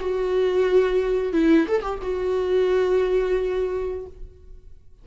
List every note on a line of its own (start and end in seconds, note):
0.00 1.33 F#4
1.33 1.67 E4
1.68 1.82 A4
1.82 1.99 G4
2.02 4.06 F#4